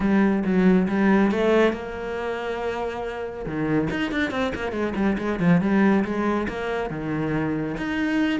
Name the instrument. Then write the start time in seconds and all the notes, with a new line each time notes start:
cello
0.00 G3
0.44 F#3
0.88 G3
1.31 A3
1.72 A#3
3.45 D#3
3.90 D#4
4.11 D4
4.30 C4
4.54 A#3
4.72 G#3
4.95 G3
5.18 G#3
5.39 F3
5.60 G3
6.04 G#3
6.48 A#3
6.90 D#3
7.77 D#4